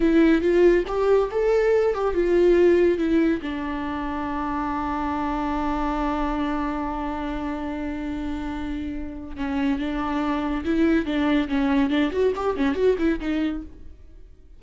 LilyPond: \new Staff \with { instrumentName = "viola" } { \time 4/4 \tempo 4 = 141 e'4 f'4 g'4 a'4~ | a'8 g'8 f'2 e'4 | d'1~ | d'1~ |
d'1~ | d'2 cis'4 d'4~ | d'4 e'4 d'4 cis'4 | d'8 fis'8 g'8 cis'8 fis'8 e'8 dis'4 | }